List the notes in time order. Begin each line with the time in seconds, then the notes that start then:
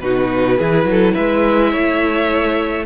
0.00 B2 D#4 F#4 B4
0.57 E3 E4 G#4
0.84 F#3 A4
1.14 G#3 B4 E5
1.71 A3 C#5